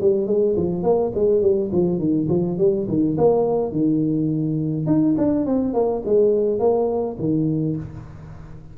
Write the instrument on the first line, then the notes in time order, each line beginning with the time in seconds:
tuba
0.00 G3
0.26 G#3
0.56 F3
0.83 A#3
1.14 G#3
1.41 G3
1.72 F3
1.98 D#3
2.29 F3
2.58 G3
2.87 D#3
3.17 A#3
3.72 D#3
4.86 D#4
5.17 D4
5.46 C4
5.73 A#3
6.05 G#3
6.59 A#3
7.18 D#3